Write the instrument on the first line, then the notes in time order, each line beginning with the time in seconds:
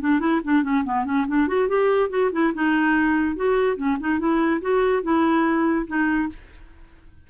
clarinet
0.00 D4
0.19 E4
0.43 D4
0.63 C#4
0.84 B3
1.04 C#4
1.27 D4
1.47 F#4
1.68 G4
2.09 F#4
2.32 E4
2.53 D#4
3.35 F#4
3.76 C#4
4.00 D#4
4.19 E4
4.61 F#4
5.02 E4
5.87 D#4